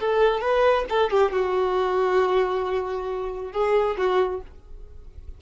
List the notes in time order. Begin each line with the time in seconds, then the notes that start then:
0.00 A4
0.41 B4
0.89 A4
1.10 G4
1.32 F#4
3.52 G#4
3.97 F#4